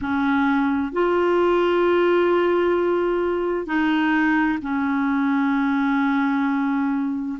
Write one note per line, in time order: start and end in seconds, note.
0.01 0.92 C#4
0.92 3.66 F4
3.66 4.59 D#4
4.62 7.38 C#4